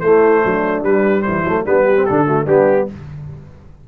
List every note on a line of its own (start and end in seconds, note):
0.00 0.42 A3
0.00 0.85 A3
0.00 0.43 E4
0.00 0.82 C5
0.43 0.82 F#3
0.43 1.24 D4
0.82 1.23 G3
0.82 1.46 G3
0.82 1.22 B4
1.22 1.44 E3
1.22 1.64 E4
1.22 1.63 C5
1.44 1.64 F#3
1.44 1.66 A3
1.65 2.07 G3
1.65 1.96 B3
1.65 1.85 D4
1.65 2.06 B4
1.85 2.25 G4
1.96 2.06 C4
2.06 2.47 D3
2.06 2.26 D4
2.06 2.46 A4
2.26 2.47 A3
2.26 2.44 F#4
2.44 2.88 G3
2.44 2.88 B3
2.44 2.85 D4
2.44 2.88 G4